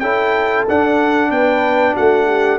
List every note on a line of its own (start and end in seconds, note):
0.00 0.66 C#4
0.00 0.68 E4
0.00 1.30 A4
0.00 0.65 G5
0.69 2.59 D4
0.69 1.31 D4
0.69 1.31 F#5
1.31 1.95 B3
1.31 1.94 B4
1.31 1.96 G5
1.94 2.59 A3
1.94 2.26 F#4
1.94 2.59 F#5
2.27 2.59 G4